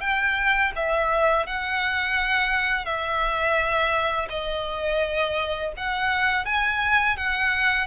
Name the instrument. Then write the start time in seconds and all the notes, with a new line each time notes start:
violin
0.00 G5
0.75 E5
1.46 F#5
2.85 E5
4.29 D#5
5.76 F#5
6.45 G#5
7.17 F#5